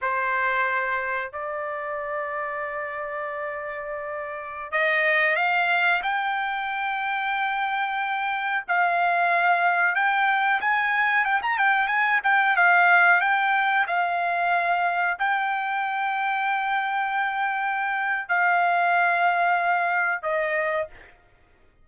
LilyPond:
\new Staff \with { instrumentName = "trumpet" } { \time 4/4 \tempo 4 = 92 c''2 d''2~ | d''2.~ d''16 dis''8.~ | dis''16 f''4 g''2~ g''8.~ | g''4~ g''16 f''2 g''8.~ |
g''16 gis''4 g''16 ais''16 g''8 gis''8 g''8 f''8.~ | f''16 g''4 f''2 g''8.~ | g''1 | f''2. dis''4 | }